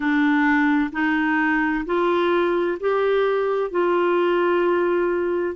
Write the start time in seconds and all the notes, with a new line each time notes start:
0.00 D4
0.92 D#4
1.85 F4
2.79 G4
3.70 F4